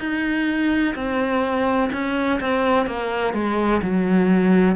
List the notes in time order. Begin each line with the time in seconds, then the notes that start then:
0.00 D#4
0.95 C4
1.93 C#4
2.41 C4
2.87 A#3
3.34 G#3
3.83 F#3